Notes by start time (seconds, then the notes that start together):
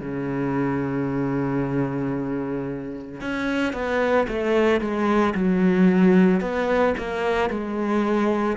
0.00 C#3
3.20 C#4
3.73 B3
4.28 A3
4.80 G#3
5.34 F#3
6.40 B3
6.97 A#3
7.50 G#3